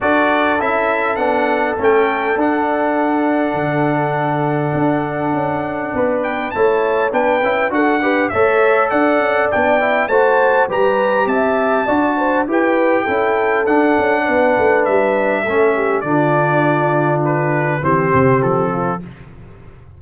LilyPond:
<<
  \new Staff \with { instrumentName = "trumpet" } { \time 4/4 \tempo 4 = 101 d''4 e''4 fis''4 g''4 | fis''1~ | fis''2~ fis''8 g''8 a''4 | g''4 fis''4 e''4 fis''4 |
g''4 a''4 ais''4 a''4~ | a''4 g''2 fis''4~ | fis''4 e''2 d''4~ | d''4 b'4 c''4 a'4 | }
  \new Staff \with { instrumentName = "horn" } { \time 4/4 a'1~ | a'1~ | a'2 b'4 cis''4 | b'4 a'8 b'8 cis''4 d''4~ |
d''4 c''4 b'4 e''4 | d''8 c''8 b'4 a'2 | b'2 a'8 g'8 f'4~ | f'2 g'4. f'8 | }
  \new Staff \with { instrumentName = "trombone" } { \time 4/4 fis'4 e'4 d'4 cis'4 | d'1~ | d'2. e'4 | d'8 e'8 fis'8 g'8 a'2 |
d'8 e'8 fis'4 g'2 | fis'4 g'4 e'4 d'4~ | d'2 cis'4 d'4~ | d'2 c'2 | }
  \new Staff \with { instrumentName = "tuba" } { \time 4/4 d'4 cis'4 b4 a4 | d'2 d2 | d'4 cis'4 b4 a4 | b8 cis'8 d'4 a4 d'8 cis'8 |
b4 a4 g4 c'4 | d'4 e'4 cis'4 d'8 cis'8 | b8 a8 g4 a4 d4~ | d2 e8 c8 f4 | }
>>